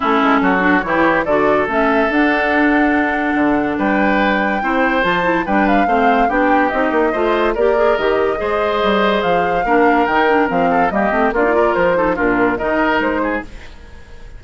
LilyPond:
<<
  \new Staff \with { instrumentName = "flute" } { \time 4/4 \tempo 4 = 143 a'2 cis''4 d''4 | e''4 fis''2.~ | fis''4 g''2. | a''4 g''8 f''4. g''4 |
dis''2 d''4 dis''4~ | dis''2 f''2 | g''4 f''4 dis''4 d''4 | c''4 ais'4 dis''4 c''4 | }
  \new Staff \with { instrumentName = "oboe" } { \time 4/4 e'4 fis'4 g'4 a'4~ | a'1~ | a'4 b'2 c''4~ | c''4 b'4 c''4 g'4~ |
g'4 c''4 ais'2 | c''2. ais'4~ | ais'4. a'8 g'4 f'8 ais'8~ | ais'8 a'8 f'4 ais'4. gis'8 | }
  \new Staff \with { instrumentName = "clarinet" } { \time 4/4 cis'4. d'8 e'4 fis'4 | cis'4 d'2.~ | d'2. e'4 | f'8 e'8 d'4 c'4 d'4 |
dis'4 f'4 g'8 gis'8 g'4 | gis'2. d'4 | dis'8 d'8 c'4 ais8 c'8 d'16 dis'16 f'8~ | f'8 dis'8 d'4 dis'2 | }
  \new Staff \with { instrumentName = "bassoon" } { \time 4/4 a8 gis8 fis4 e4 d4 | a4 d'2. | d4 g2 c'4 | f4 g4 a4 b4 |
c'8 ais8 a4 ais4 dis4 | gis4 g4 f4 ais4 | dis4 f4 g8 a8 ais4 | f4 ais,4 dis4 gis4 | }
>>